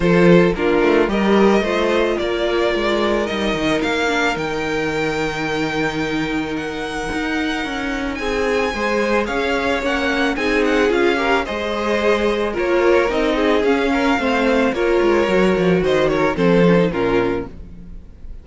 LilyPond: <<
  \new Staff \with { instrumentName = "violin" } { \time 4/4 \tempo 4 = 110 c''4 ais'4 dis''2 | d''2 dis''4 f''4 | g''1 | fis''2. gis''4~ |
gis''4 f''4 fis''4 gis''8 fis''8 | f''4 dis''2 cis''4 | dis''4 f''2 cis''4~ | cis''4 dis''8 cis''8 c''4 ais'4 | }
  \new Staff \with { instrumentName = "violin" } { \time 4/4 a'4 f'4 ais'4 c''4 | ais'1~ | ais'1~ | ais'2. gis'4 |
c''4 cis''2 gis'4~ | gis'8 ais'8 c''2 ais'4~ | ais'8 gis'4 ais'8 c''4 ais'4~ | ais'4 c''8 ais'8 a'4 f'4 | }
  \new Staff \with { instrumentName = "viola" } { \time 4/4 f'4 d'4 g'4 f'4~ | f'2 dis'4. d'8 | dis'1~ | dis'1 |
gis'2 cis'4 dis'4 | f'8 g'8 gis'2 f'4 | dis'4 cis'4 c'4 f'4 | fis'2 c'8 cis'16 dis'16 cis'4 | }
  \new Staff \with { instrumentName = "cello" } { \time 4/4 f4 ais8 a8 g4 a4 | ais4 gis4 g8 dis8 ais4 | dis1~ | dis4 dis'4 cis'4 c'4 |
gis4 cis'4 ais4 c'4 | cis'4 gis2 ais4 | c'4 cis'4 a4 ais8 gis8 | fis8 f8 dis4 f4 ais,4 | }
>>